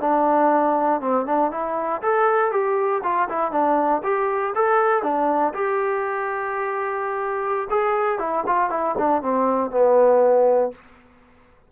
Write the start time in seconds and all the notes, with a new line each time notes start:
0.00 D4
1.01 C4
1.26 D4
1.51 E4
2.02 A4
2.51 G4
3.03 F4
3.29 E4
3.51 D4
4.03 G4
4.55 A4
5.03 D4
5.54 G4
7.70 G#4
8.19 E4
8.46 F4
8.70 E4
8.98 D4
9.22 C4
9.71 B3